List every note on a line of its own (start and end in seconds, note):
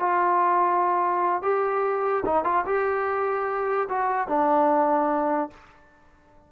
0.00 1.43 F4
1.43 2.24 G4
2.26 2.45 D#4
2.45 2.65 F4
2.66 3.89 G4
3.90 4.28 F#4
4.28 5.50 D4